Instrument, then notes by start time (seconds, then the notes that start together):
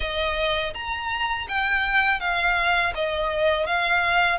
violin
0.00 D#5
0.74 A#5
1.48 G5
2.20 F5
2.94 D#5
3.66 F5